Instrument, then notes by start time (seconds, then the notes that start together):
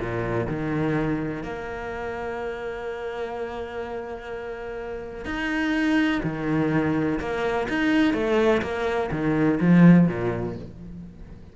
cello
0.00 A#2
0.47 D#3
1.43 A#3
5.25 D#4
6.23 D#3
7.20 A#3
7.69 D#4
8.13 A3
8.62 A#3
9.11 D#3
9.60 F3
10.07 A#2